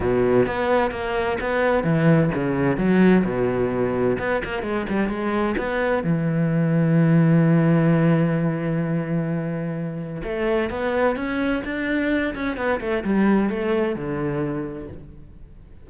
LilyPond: \new Staff \with { instrumentName = "cello" } { \time 4/4 \tempo 4 = 129 b,4 b4 ais4 b4 | e4 cis4 fis4 b,4~ | b,4 b8 ais8 gis8 g8 gis4 | b4 e2.~ |
e1~ | e2 a4 b4 | cis'4 d'4. cis'8 b8 a8 | g4 a4 d2 | }